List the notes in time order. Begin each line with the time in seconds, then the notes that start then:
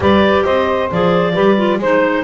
0.00 G3 G4 B4 D5
0.44 C4 C5 D#5
0.91 F3 G#4 D5
1.33 G3 G4 B4
1.57 F4
1.78 G#3 D#4 C5